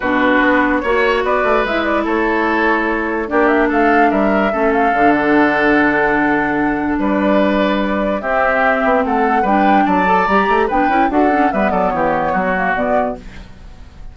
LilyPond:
<<
  \new Staff \with { instrumentName = "flute" } { \time 4/4 \tempo 4 = 146 b'2 cis''4 d''4 | e''8 d''8 cis''2. | d''8 e''8 f''4 e''4. f''8~ | f''8 fis''2.~ fis''8~ |
fis''4 d''2. | e''2 fis''4 g''4 | a''4 ais''4 g''4 fis''4 | e''8 d''8 cis''2 d''4 | }
  \new Staff \with { instrumentName = "oboe" } { \time 4/4 fis'2 cis''4 b'4~ | b'4 a'2. | g'4 a'4 ais'4 a'4~ | a'1~ |
a'4 b'2. | g'2 a'4 b'4 | d''2 b'4 a'4 | b'8 a'8 g'4 fis'2 | }
  \new Staff \with { instrumentName = "clarinet" } { \time 4/4 d'2 fis'2 | e'1 | d'2. cis'4 | d'1~ |
d'1 | c'2. d'4~ | d'8 a'8 g'4 d'8 e'8 fis'8 cis'8 | b2~ b8 ais8 b4 | }
  \new Staff \with { instrumentName = "bassoon" } { \time 4/4 b,4 b4 ais4 b8 a8 | gis4 a2. | ais4 a4 g4 a4 | d1~ |
d4 g2. | c'4. b8 a4 g4 | fis4 g8 a8 b8 cis'8 d'4 | g8 fis8 e4 fis4 b,4 | }
>>